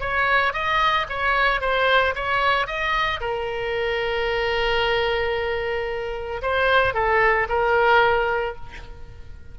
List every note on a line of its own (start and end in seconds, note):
0.00 0.53 C#5
0.53 1.07 D#5
1.10 1.61 C#5
1.61 2.15 C5
2.16 2.67 C#5
2.67 3.20 D#5
3.20 6.42 A#4
6.42 6.94 C5
6.94 7.48 A4
7.49 8.56 A#4